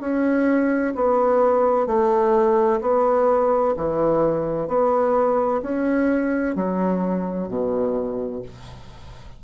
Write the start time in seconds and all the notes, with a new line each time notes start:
0.00 C#4
0.95 B3
1.87 A3
2.81 B3
3.77 E3
4.67 B3
5.62 C#4
6.55 F#3
7.48 B2